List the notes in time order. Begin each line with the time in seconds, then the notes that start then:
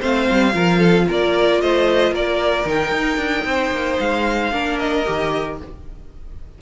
0.00 A3 C4 C5 F5
0.30 G3
0.53 F3 F4 A#4
0.79 A4
1.08 A#3 A#4 D5
1.61 A3 C5 D#5
2.12 A#3 A#4 D5
2.65 D#3 D#4 G5
2.91 D#4
3.17 D4
3.45 C4 C5
3.71 A#3
3.99 G#3 F5
4.52 A#3 D4 A#4
4.79 D#5
5.06 D#3 G4